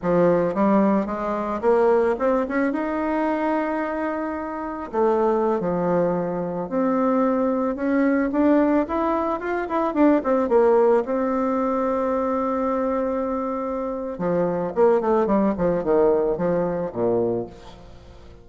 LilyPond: \new Staff \with { instrumentName = "bassoon" } { \time 4/4 \tempo 4 = 110 f4 g4 gis4 ais4 | c'8 cis'8 dis'2.~ | dis'4 a4~ a16 f4.~ f16~ | f16 c'2 cis'4 d'8.~ |
d'16 e'4 f'8 e'8 d'8 c'8 ais8.~ | ais16 c'2.~ c'8.~ | c'2 f4 ais8 a8 | g8 f8 dis4 f4 ais,4 | }